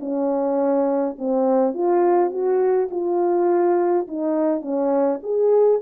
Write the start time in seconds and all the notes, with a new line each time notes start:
0.00 C#4
1.19 C4
1.74 F4
2.30 F#4
2.91 F4
4.08 D#4
4.62 C#4
5.23 G#4